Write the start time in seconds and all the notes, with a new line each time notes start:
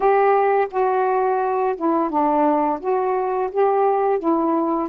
0.00 G4
0.70 F#4
1.76 E4
2.09 D4
2.80 F#4
3.51 G4
4.19 E4